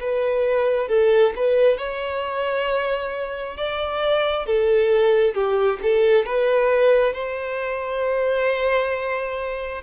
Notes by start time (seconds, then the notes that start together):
0.00 B4
0.89 A4
1.36 B4
1.78 C#5
3.57 D5
4.46 A4
5.34 G4
5.83 A4
6.26 B4
7.13 C5